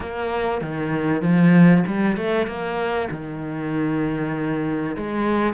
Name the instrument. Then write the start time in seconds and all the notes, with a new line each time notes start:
cello
0.00 A#3
0.61 D#3
1.21 F3
1.86 G3
2.16 A3
2.46 A#3
3.11 D#3
4.96 G#3